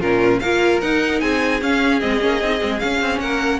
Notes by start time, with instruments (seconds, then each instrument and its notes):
0.00 cello A#2, viola C#4, violin F4 A#4
0.40 cello A#3, viola F4, violin A#4 F5
0.81 cello D#4, viola D#4, violin F#5
1.21 cello C4, violin G#4 G#5
1.62 viola C#4, cello C#4, violin F5
2.00 cello G#3, viola C4, violin D#5
2.20 cello A#3, viola C#4
2.41 cello C4, viola D#4
2.59 cello G#3, viola C4
2.80 viola C#4, cello C#4, violin F5
3.01 cello C4
3.20 cello A#3, violin A#4 F#5